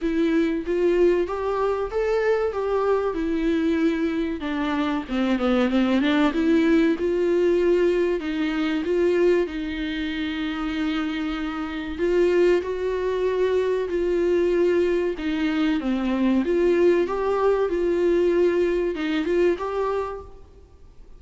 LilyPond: \new Staff \with { instrumentName = "viola" } { \time 4/4 \tempo 4 = 95 e'4 f'4 g'4 a'4 | g'4 e'2 d'4 | c'8 b8 c'8 d'8 e'4 f'4~ | f'4 dis'4 f'4 dis'4~ |
dis'2. f'4 | fis'2 f'2 | dis'4 c'4 f'4 g'4 | f'2 dis'8 f'8 g'4 | }